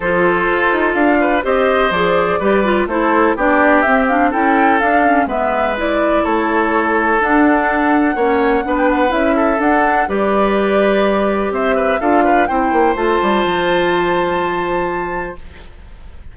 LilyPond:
<<
  \new Staff \with { instrumentName = "flute" } { \time 4/4 \tempo 4 = 125 c''2 f''4 dis''4 | d''2 c''4 d''4 | e''8 f''8 g''4 f''4 e''4 | d''4 cis''2 fis''4~ |
fis''2~ fis''16 g''16 fis''8 e''4 | fis''4 d''2. | e''4 f''4 g''4 a''4~ | a''1 | }
  \new Staff \with { instrumentName = "oboe" } { \time 4/4 a'2~ a'8 b'8 c''4~ | c''4 b'4 a'4 g'4~ | g'4 a'2 b'4~ | b'4 a'2.~ |
a'4 cis''4 b'4. a'8~ | a'4 b'2. | c''8 b'8 a'8 b'8 c''2~ | c''1 | }
  \new Staff \with { instrumentName = "clarinet" } { \time 4/4 f'2. g'4 | gis'4 g'8 f'8 e'4 d'4 | c'8 d'8 e'4 d'8 cis'8 b4 | e'2. d'4~ |
d'4 cis'4 d'4 e'4 | d'4 g'2.~ | g'4 f'4 e'4 f'4~ | f'1 | }
  \new Staff \with { instrumentName = "bassoon" } { \time 4/4 f4 f'8 dis'8 d'4 c'4 | f4 g4 a4 b4 | c'4 cis'4 d'4 gis4~ | gis4 a2 d'4~ |
d'4 ais4 b4 cis'4 | d'4 g2. | c'4 d'4 c'8 ais8 a8 g8 | f1 | }
>>